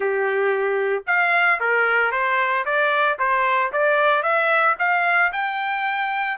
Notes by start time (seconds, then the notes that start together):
0.00 G4
1.06 F5
1.60 A#4
2.11 C5
2.65 D5
3.18 C5
3.72 D5
4.22 E5
4.78 F5
5.32 G5